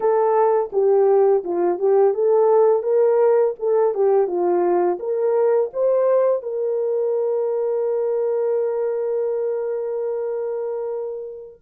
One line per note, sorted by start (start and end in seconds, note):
0.00 0.70 A4
0.72 1.43 G4
1.44 1.79 F4
1.79 2.14 G4
2.14 2.82 A4
2.82 3.54 A#4
3.59 3.94 A4
3.94 4.27 G4
4.27 4.98 F4
4.99 5.70 A#4
5.73 6.42 C5
6.42 11.60 A#4